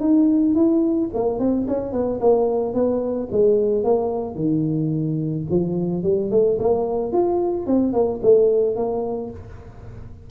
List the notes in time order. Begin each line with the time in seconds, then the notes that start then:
0.00 D#4
0.55 E4
1.14 A#3
1.39 C4
1.68 C#4
1.92 B3
2.20 A#3
2.74 B3
3.32 G#3
3.84 A#3
4.35 D#3
5.50 F3
6.03 G3
6.31 A3
6.59 A#3
7.12 F4
7.66 C4
7.93 A#3
8.22 A3
8.76 A#3